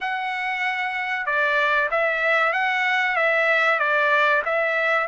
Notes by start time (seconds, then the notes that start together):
0.00 F#5
1.26 D5
1.90 E5
2.52 F#5
3.16 E5
3.79 D5
4.45 E5